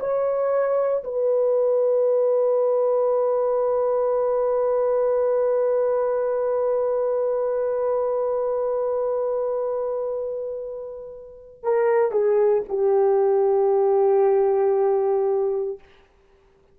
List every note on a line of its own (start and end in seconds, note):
0.00 1.03 C#5
1.03 11.63 B4
11.63 12.11 A#4
12.11 12.63 G#4
12.68 15.79 G4